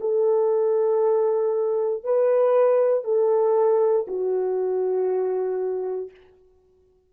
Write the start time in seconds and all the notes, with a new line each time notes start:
0.00 A4
2.03 B4
3.04 A4
4.07 F#4